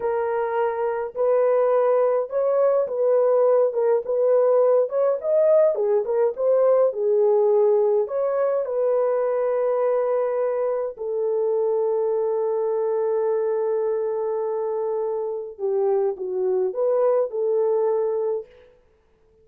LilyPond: \new Staff \with { instrumentName = "horn" } { \time 4/4 \tempo 4 = 104 ais'2 b'2 | cis''4 b'4. ais'8 b'4~ | b'8 cis''8 dis''4 gis'8 ais'8 c''4 | gis'2 cis''4 b'4~ |
b'2. a'4~ | a'1~ | a'2. g'4 | fis'4 b'4 a'2 | }